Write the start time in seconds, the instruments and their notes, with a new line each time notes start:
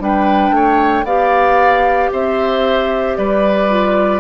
0.00 bassoon G3, clarinet D4, oboe B4, flute G5
0.51 bassoon A3, oboe C#5
1.04 bassoon B3, clarinet G4, oboe D5, flute F5
2.12 bassoon C4, oboe C5, flute E5
3.17 bassoon G3, oboe B4, flute D5
3.70 clarinet F4